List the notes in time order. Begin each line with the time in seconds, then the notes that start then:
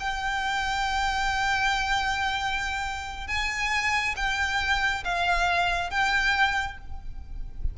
0.00 G5
3.27 G#5
4.16 G5
5.04 F5
5.90 G5